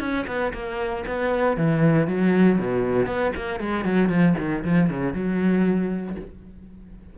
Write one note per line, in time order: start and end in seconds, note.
0.00 0.26 C#4
0.27 0.53 B3
0.53 1.05 A#3
1.07 1.57 B3
1.57 2.08 E3
2.08 2.59 F#3
2.59 3.06 B2
3.06 3.32 B3
3.36 3.60 A#3
3.60 3.85 G#3
3.85 4.09 F#3
4.09 4.35 F3
4.38 4.64 D#3
4.65 4.90 F3
4.90 5.13 C#3
5.13 6.16 F#3